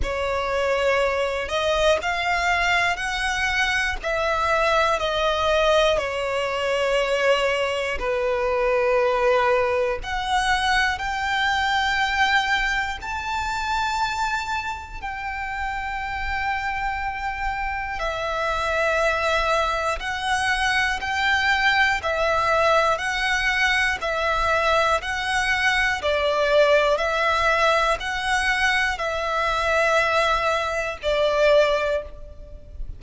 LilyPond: \new Staff \with { instrumentName = "violin" } { \time 4/4 \tempo 4 = 60 cis''4. dis''8 f''4 fis''4 | e''4 dis''4 cis''2 | b'2 fis''4 g''4~ | g''4 a''2 g''4~ |
g''2 e''2 | fis''4 g''4 e''4 fis''4 | e''4 fis''4 d''4 e''4 | fis''4 e''2 d''4 | }